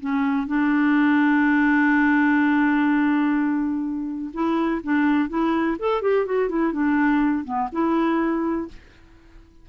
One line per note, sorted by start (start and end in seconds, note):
0.00 0.47 C#4
0.47 4.31 D4
4.33 4.81 E4
4.83 5.29 D4
5.29 5.77 E4
5.79 6.02 A4
6.02 6.26 G4
6.26 6.49 F#4
6.49 6.72 E4
6.72 7.44 D4
7.45 7.69 B3
7.72 8.68 E4